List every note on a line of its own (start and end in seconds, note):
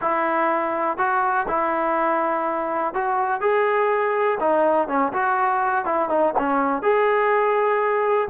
0.01 0.97 E4
0.97 1.46 F#4
1.48 2.94 E4
2.94 3.41 F#4
3.41 4.38 G#4
4.39 4.88 D#4
4.88 5.12 C#4
5.12 5.85 F#4
5.85 6.09 E4
6.09 6.33 D#4
6.38 6.82 C#4
6.82 8.28 G#4